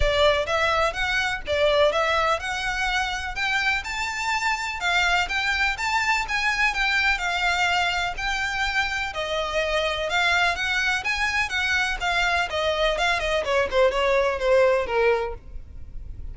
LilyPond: \new Staff \with { instrumentName = "violin" } { \time 4/4 \tempo 4 = 125 d''4 e''4 fis''4 d''4 | e''4 fis''2 g''4 | a''2 f''4 g''4 | a''4 gis''4 g''4 f''4~ |
f''4 g''2 dis''4~ | dis''4 f''4 fis''4 gis''4 | fis''4 f''4 dis''4 f''8 dis''8 | cis''8 c''8 cis''4 c''4 ais'4 | }